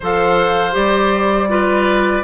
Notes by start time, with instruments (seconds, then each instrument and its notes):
0.00 bassoon F3, clarinet A4, oboe C5, flute F5
0.71 bassoon G3, clarinet G4, flute D5
1.48 clarinet F4, oboe B4